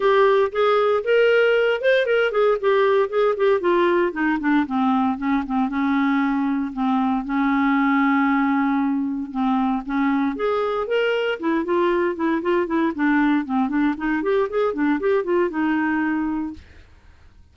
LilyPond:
\new Staff \with { instrumentName = "clarinet" } { \time 4/4 \tempo 4 = 116 g'4 gis'4 ais'4. c''8 | ais'8 gis'8 g'4 gis'8 g'8 f'4 | dis'8 d'8 c'4 cis'8 c'8 cis'4~ | cis'4 c'4 cis'2~ |
cis'2 c'4 cis'4 | gis'4 ais'4 e'8 f'4 e'8 | f'8 e'8 d'4 c'8 d'8 dis'8 g'8 | gis'8 d'8 g'8 f'8 dis'2 | }